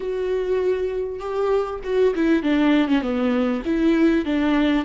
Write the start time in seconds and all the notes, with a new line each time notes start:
0.00 F#4
1.19 G4
1.83 F#4
2.15 E4
2.42 D4
2.88 C#4
3.01 B3
3.65 E4
4.25 D4